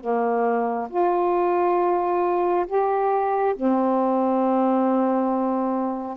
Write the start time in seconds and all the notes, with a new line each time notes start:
0.00 A#3
0.89 F4
2.66 G4
3.56 C4